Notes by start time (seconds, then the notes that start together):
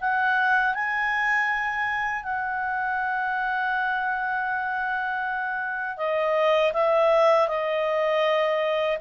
0.00 F#5
0.74 G#5
2.23 F#5
5.97 D#5
6.73 E5
7.48 D#5